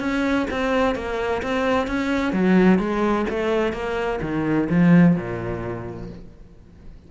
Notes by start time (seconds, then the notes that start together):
0.00 C#4
0.51 C4
0.95 A#3
1.43 C4
1.87 C#4
2.33 F#3
2.79 G#3
3.30 A3
3.73 A#3
4.22 D#3
4.70 F3
5.16 A#2